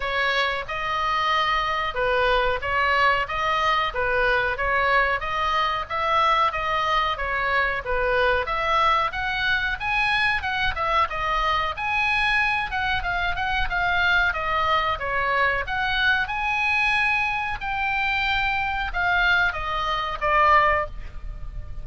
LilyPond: \new Staff \with { instrumentName = "oboe" } { \time 4/4 \tempo 4 = 92 cis''4 dis''2 b'4 | cis''4 dis''4 b'4 cis''4 | dis''4 e''4 dis''4 cis''4 | b'4 e''4 fis''4 gis''4 |
fis''8 e''8 dis''4 gis''4. fis''8 | f''8 fis''8 f''4 dis''4 cis''4 | fis''4 gis''2 g''4~ | g''4 f''4 dis''4 d''4 | }